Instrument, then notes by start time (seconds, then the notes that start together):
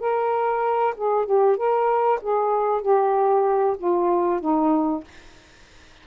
saxophone
0.00 A#4
0.97 G#4
1.26 G4
1.57 A#4
2.22 G#4
2.82 G4
3.78 F4
4.40 D#4